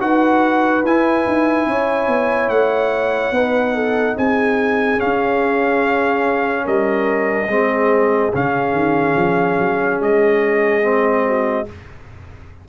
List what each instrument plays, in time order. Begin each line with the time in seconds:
0.00 tuba D#4, trombone F#4, horn B4, trumpet F#5
0.84 tuba E4, trombone E4, trumpet G#5
1.27 tuba D#4
1.66 tuba C#4, horn C#5
2.08 tuba B3
2.49 tuba A3, trumpet F#5
3.32 tuba B3, trombone D#4, horn B4
3.75 horn A4
4.17 tuba C4, horn G#4, trumpet G#5
4.98 trombone C#4, tuba C#4, trumpet F5
6.65 tuba G3, horn A#4, trumpet D#5
7.48 tuba G#3, trombone C4, horn G#4
8.34 tuba C#3, trombone C#4, trumpet F5
8.73 tuba D#3
9.16 tuba F3
9.59 tuba F#3
10.00 tuba G#3, trumpet D#5
10.83 trombone C4
11.26 horn F#4